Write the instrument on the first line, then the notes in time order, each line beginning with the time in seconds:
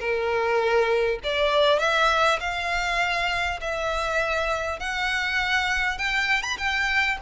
violin
0.00 A#4
1.24 D5
1.79 E5
2.40 F5
3.61 E5
4.80 F#5
5.98 G5
6.43 B5
6.58 G5